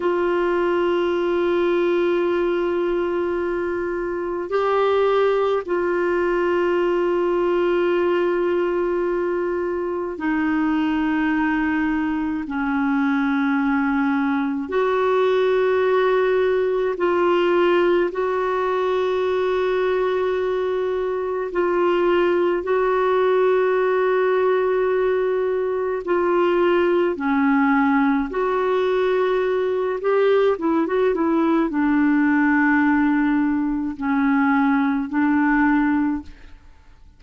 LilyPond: \new Staff \with { instrumentName = "clarinet" } { \time 4/4 \tempo 4 = 53 f'1 | g'4 f'2.~ | f'4 dis'2 cis'4~ | cis'4 fis'2 f'4 |
fis'2. f'4 | fis'2. f'4 | cis'4 fis'4. g'8 e'16 fis'16 e'8 | d'2 cis'4 d'4 | }